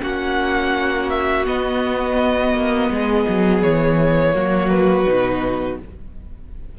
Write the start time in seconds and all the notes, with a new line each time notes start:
0.00 A#3 C#4 F#4 F#5
1.09 E5
1.44 B3 D#5
2.53 A#3
2.90 G#3 G#4
3.28 F#3
3.62 E3 C#5
4.33 F#3 A#3 F#4
4.69 B4
5.06 B2 D#4